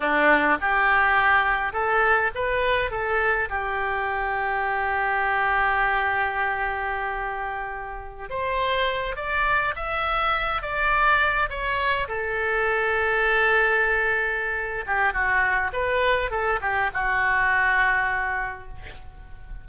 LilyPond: \new Staff \with { instrumentName = "oboe" } { \time 4/4 \tempo 4 = 103 d'4 g'2 a'4 | b'4 a'4 g'2~ | g'1~ | g'2~ g'16 c''4. d''16~ |
d''8. e''4. d''4. cis''16~ | cis''8. a'2.~ a'16~ | a'4. g'8 fis'4 b'4 | a'8 g'8 fis'2. | }